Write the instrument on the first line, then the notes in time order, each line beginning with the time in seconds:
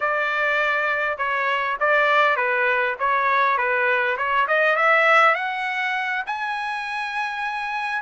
trumpet
0.00 D5
1.17 C#5
1.80 D5
2.36 B4
2.99 C#5
3.57 B4
4.17 C#5
4.47 D#5
4.76 E5
5.35 F#5
6.26 G#5